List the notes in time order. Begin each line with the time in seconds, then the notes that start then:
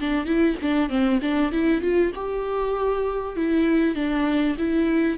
0.00 D4
0.25 E4
0.62 D4
0.89 C4
1.21 D4
1.52 E4
1.81 F4
2.15 G4
3.36 E4
3.95 D4
4.58 E4